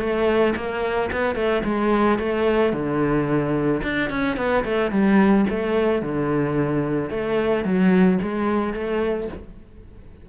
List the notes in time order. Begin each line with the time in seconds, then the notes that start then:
0.00 A3
0.56 A#3
1.12 B3
1.36 A3
1.65 G#3
2.19 A3
2.73 D3
3.83 D4
4.11 C#4
4.37 B3
4.65 A3
4.91 G3
5.50 A3
6.02 D3
7.11 A3
7.65 F#3
8.22 G#3
8.74 A3